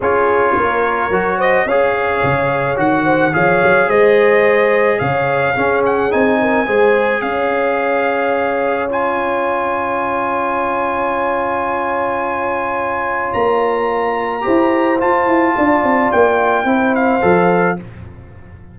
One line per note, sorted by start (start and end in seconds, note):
0.00 0.56 C#4
0.00 1.12 F4
0.00 0.53 G#4
0.00 1.39 C#5
0.56 1.09 A#3
0.56 1.37 A#4
1.09 1.65 F#3
1.09 1.67 F#4
1.37 1.65 C5
1.37 1.67 D#5
1.65 2.21 C#4
1.65 2.75 G#4
1.65 3.04 C#5
1.65 2.78 F5
2.23 2.77 C#3
2.75 3.33 D#3
2.75 3.31 F#4
2.75 3.34 F#5
3.04 3.32 C5
3.32 3.62 F3
3.32 5.54 G#4
3.32 3.88 C#5
3.32 3.89 F5
3.63 3.88 F#3
3.88 4.99 G#3
3.88 4.99 C5
3.88 4.98 D#5
4.98 5.56 C#3
4.98 5.55 C#5
4.98 5.82 F5
5.55 6.10 C#4
5.55 6.12 C#4
5.55 6.38 G#4
5.85 6.12 F#5
6.10 6.67 C4
6.10 6.66 D#4
6.10 7.21 G#5
6.41 6.66 A#4
6.66 7.21 G#3
6.66 8.88 G#4
6.66 7.22 C5
7.21 13.32 C#4
7.21 14.43 C#5
7.21 8.88 F5
8.89 14.41 F4
8.89 13.33 G#5
13.33 14.45 A#3
13.33 14.99 A#5
14.41 14.96 G4
14.41 15.54 C5
14.47 15.02 E4
14.98 16.65 F4
14.98 15.26 F4
14.98 16.11 A5
15.26 15.54 E4
15.57 15.83 D4
15.57 16.68 D5
15.83 16.10 C4
16.11 16.64 A#3
16.11 16.94 G5
16.64 17.20 C4
16.64 17.20 E4
16.64 17.79 C5
16.95 17.78 F5
17.21 17.78 F3
17.21 17.76 A4